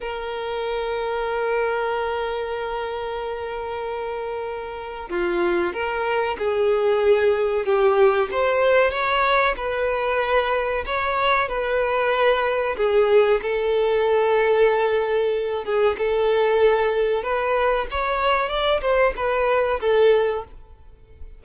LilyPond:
\new Staff \with { instrumentName = "violin" } { \time 4/4 \tempo 4 = 94 ais'1~ | ais'1 | f'4 ais'4 gis'2 | g'4 c''4 cis''4 b'4~ |
b'4 cis''4 b'2 | gis'4 a'2.~ | a'8 gis'8 a'2 b'4 | cis''4 d''8 c''8 b'4 a'4 | }